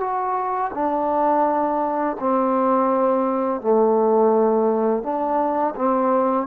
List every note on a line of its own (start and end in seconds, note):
0.00 0.71 F#4
0.74 2.17 D4
2.20 3.62 C4
3.62 5.03 A3
5.03 5.75 D4
5.76 6.47 C4